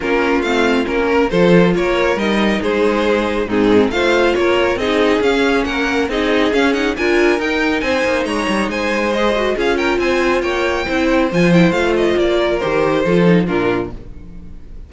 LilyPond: <<
  \new Staff \with { instrumentName = "violin" } { \time 4/4 \tempo 4 = 138 ais'4 f''4 ais'4 c''4 | cis''4 dis''4 c''2 | gis'4 f''4 cis''4 dis''4 | f''4 fis''4 dis''4 f''8 fis''8 |
gis''4 g''4 gis''4 ais''4 | gis''4 dis''4 f''8 g''8 gis''4 | g''2 gis''8 g''8 f''8 dis''8 | d''4 c''2 ais'4 | }
  \new Staff \with { instrumentName = "violin" } { \time 4/4 f'2~ f'8 ais'8 a'4 | ais'2 gis'2 | dis'4 c''4 ais'4 gis'4~ | gis'4 ais'4 gis'2 |
ais'2 c''4 cis''4 | c''2 gis'8 ais'8 c''4 | cis''4 c''2.~ | c''8 ais'4. a'4 f'4 | }
  \new Staff \with { instrumentName = "viola" } { \time 4/4 cis'4 c'4 cis'4 f'4~ | f'4 dis'2. | c'4 f'2 dis'4 | cis'2 dis'4 cis'8 dis'8 |
f'4 dis'2.~ | dis'4 gis'8 fis'8 f'2~ | f'4 e'4 f'8 e'8 f'4~ | f'4 g'4 f'8 dis'8 d'4 | }
  \new Staff \with { instrumentName = "cello" } { \time 4/4 ais4 a4 ais4 f4 | ais4 g4 gis2 | gis,4 a4 ais4 c'4 | cis'4 ais4 c'4 cis'4 |
d'4 dis'4 c'8 ais8 gis8 g8 | gis2 cis'4 c'4 | ais4 c'4 f4 a4 | ais4 dis4 f4 ais,4 | }
>>